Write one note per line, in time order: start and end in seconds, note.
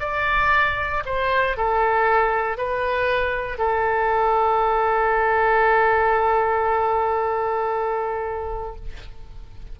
0.00 1.03 D5
1.05 1.57 C5
1.57 2.58 A4
2.58 3.58 B4
3.58 8.76 A4